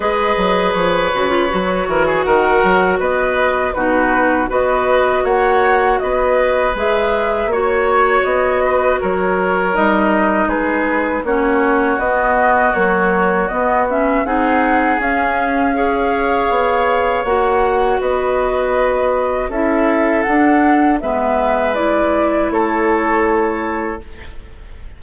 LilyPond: <<
  \new Staff \with { instrumentName = "flute" } { \time 4/4 \tempo 4 = 80 dis''4 cis''2 fis''4 | dis''4 b'4 dis''4 fis''4 | dis''4 e''4 cis''4 dis''4 | cis''4 dis''4 b'4 cis''4 |
dis''4 cis''4 dis''8 e''8 fis''4 | f''2. fis''4 | dis''2 e''4 fis''4 | e''4 d''4 cis''2 | }
  \new Staff \with { instrumentName = "oboe" } { \time 4/4 b'2~ b'8 ais'16 gis'16 ais'4 | b'4 fis'4 b'4 cis''4 | b'2 cis''4. b'8 | ais'2 gis'4 fis'4~ |
fis'2. gis'4~ | gis'4 cis''2. | b'2 a'2 | b'2 a'2 | }
  \new Staff \with { instrumentName = "clarinet" } { \time 4/4 gis'4. fis'16 f'16 fis'2~ | fis'4 dis'4 fis'2~ | fis'4 gis'4 fis'2~ | fis'4 dis'2 cis'4 |
b4 fis4 b8 cis'8 dis'4 | cis'4 gis'2 fis'4~ | fis'2 e'4 d'4 | b4 e'2. | }
  \new Staff \with { instrumentName = "bassoon" } { \time 4/4 gis8 fis8 f8 cis8 fis8 e8 dis8 fis8 | b4 b,4 b4 ais4 | b4 gis4 ais4 b4 | fis4 g4 gis4 ais4 |
b4 ais4 b4 c'4 | cis'2 b4 ais4 | b2 cis'4 d'4 | gis2 a2 | }
>>